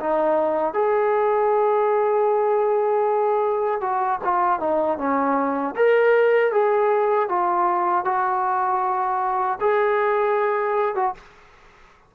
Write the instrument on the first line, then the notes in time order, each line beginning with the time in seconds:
trombone
0.00 D#4
0.74 G#4
3.81 F#4
4.24 F4
4.59 D#4
4.98 C#4
5.76 A#4
6.52 G#4
7.29 F4
8.05 F#4
9.60 G#4
10.95 F#4